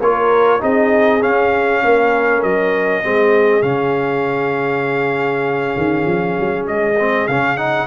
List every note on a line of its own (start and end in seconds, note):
0.00 0.61 A#3
0.00 0.60 F4
0.00 0.61 A#4
0.00 0.62 C#5
0.60 1.23 C4
0.60 1.20 D#4
0.60 1.82 G#4
0.60 1.23 D#5
1.21 3.03 C#4
1.21 1.83 C#4
1.21 2.43 F5
1.84 2.43 A#3
1.84 3.05 A#4
2.43 3.03 F#3
2.43 3.62 D#5
3.03 3.62 G#3
3.03 3.62 C4
3.03 7.87 G#4
3.62 5.74 C#3
3.62 6.95 C#4
3.62 6.65 F5
5.77 6.06 D#3
6.06 6.36 F3
6.39 6.68 F#3
6.67 7.28 G#3
6.67 7.28 D#5
6.99 7.29 C4
7.28 7.87 C#3
7.28 7.57 C#4
7.28 7.57 F5
7.57 7.87 D#4
7.57 7.87 F#5